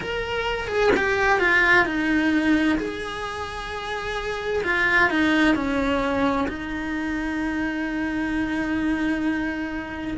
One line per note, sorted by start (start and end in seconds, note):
0.00 0.67 A#4
0.67 0.90 G#4
0.96 1.39 G4
1.39 1.85 F4
1.85 2.78 D#4
2.78 4.63 G#4
4.63 5.09 F4
5.10 5.55 D#4
5.55 6.47 C#4
6.48 10.17 D#4